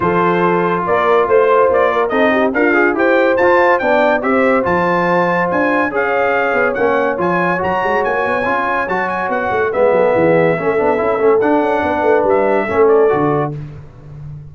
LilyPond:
<<
  \new Staff \with { instrumentName = "trumpet" } { \time 4/4 \tempo 4 = 142 c''2 d''4 c''4 | d''4 dis''4 f''4 g''4 | a''4 g''4 e''4 a''4~ | a''4 gis''4 f''2 |
fis''4 gis''4 ais''4 gis''4~ | gis''4 a''8 gis''8 fis''4 e''4~ | e''2. fis''4~ | fis''4 e''4. d''4. | }
  \new Staff \with { instrumentName = "horn" } { \time 4/4 a'2 ais'4 c''4~ | c''8 ais'8 a'8 g'8 f'4 c''4~ | c''4 d''4 c''2~ | c''2 cis''2~ |
cis''1~ | cis''2. b'8 a'8 | gis'4 a'2. | b'2 a'2 | }
  \new Staff \with { instrumentName = "trombone" } { \time 4/4 f'1~ | f'4 dis'4 ais'8 gis'8 g'4 | f'4 d'4 g'4 f'4~ | f'2 gis'2 |
cis'4 f'4 fis'2 | f'4 fis'2 b4~ | b4 cis'8 d'8 e'8 cis'8 d'4~ | d'2 cis'4 fis'4 | }
  \new Staff \with { instrumentName = "tuba" } { \time 4/4 f2 ais4 a4 | ais4 c'4 d'4 e'4 | f'4 b4 c'4 f4~ | f4 d'4 cis'4. b8 |
ais4 f4 fis8 gis8 ais8 b8 | cis'4 fis4 b8 a8 gis8 fis8 | e4 a8 b8 cis'8 a8 d'8 cis'8 | b8 a8 g4 a4 d4 | }
>>